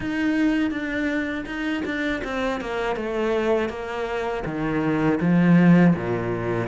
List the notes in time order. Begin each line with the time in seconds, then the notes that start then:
0.00 D#4
0.70 D4
1.46 D#4
1.85 D4
2.24 C4
2.60 A#3
2.96 A3
3.69 A#3
4.45 D#3
5.20 F3
5.95 A#2